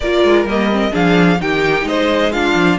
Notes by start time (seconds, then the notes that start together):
0.00 A#3 F4 A#4 D5
0.23 G#3
0.44 G3 A#3 D#5
0.71 C4
0.91 F3 D4 G#4 F5
1.40 D#3 D#4 G4 G5
1.84 G#3 C5 D#5
2.32 D4 F4 F5
2.54 F3